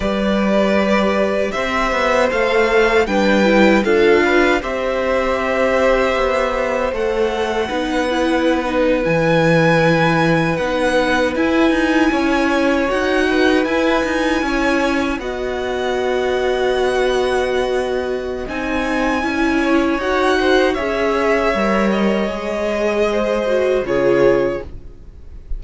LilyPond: <<
  \new Staff \with { instrumentName = "violin" } { \time 4/4 \tempo 4 = 78 d''2 e''4 f''4 | g''4 f''4 e''2~ | e''4 fis''2~ fis''8. gis''16~ | gis''4.~ gis''16 fis''4 gis''4~ gis''16~ |
gis''8. fis''4 gis''2 fis''16~ | fis''1 | gis''2 fis''4 e''4~ | e''8 dis''2~ dis''8 cis''4 | }
  \new Staff \with { instrumentName = "violin" } { \time 4/4 b'2 c''2 | b'4 a'8 b'8 c''2~ | c''2 b'2~ | b'2.~ b'8. cis''16~ |
cis''4~ cis''16 b'4. cis''4 dis''16~ | dis''1~ | dis''4. cis''4 c''8 cis''4~ | cis''2 c''4 gis'4 | }
  \new Staff \with { instrumentName = "viola" } { \time 4/4 g'2. a'4 | d'8 e'8 f'4 g'2~ | g'4 a'4 dis'8 e'8. dis'8 e'16~ | e'4.~ e'16 dis'4 e'4~ e'16~ |
e'8. fis'4 e'2 fis'16~ | fis'1 | dis'4 e'4 fis'4 gis'4 | ais'4 gis'4. fis'8 f'4 | }
  \new Staff \with { instrumentName = "cello" } { \time 4/4 g2 c'8 b8 a4 | g4 d'4 c'2 | b4 a4 b4.~ b16 e16~ | e4.~ e16 b4 e'8 dis'8 cis'16~ |
cis'8. dis'4 e'8 dis'8 cis'4 b16~ | b1 | c'4 cis'4 dis'4 cis'4 | g4 gis2 cis4 | }
>>